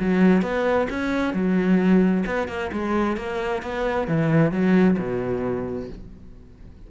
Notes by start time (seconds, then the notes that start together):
0.00 F#3
0.42 B3
0.90 C#4
1.34 F#3
2.26 B3
2.48 A#3
2.72 G#3
3.17 A#3
3.63 B3
4.08 E3
4.52 F#3
4.98 B2